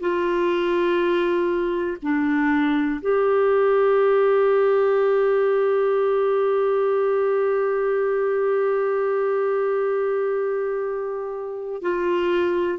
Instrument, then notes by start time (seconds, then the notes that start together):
clarinet
0.00 F4
2.02 D4
3.01 G4
11.82 F4